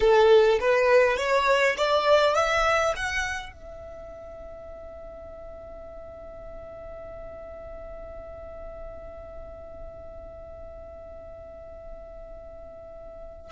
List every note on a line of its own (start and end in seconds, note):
0.00 0.59 A4
0.60 1.17 B4
1.17 1.76 C#5
1.77 2.34 D5
2.34 2.93 E5
2.95 3.53 F#5
3.53 13.52 E5